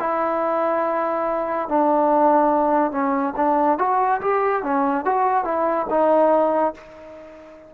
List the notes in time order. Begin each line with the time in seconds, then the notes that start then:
0.00 E4
1.69 D4
2.92 C#4
3.37 D4
3.79 F#4
4.21 G4
4.63 C#4
5.06 F#4
5.45 E4
5.90 D#4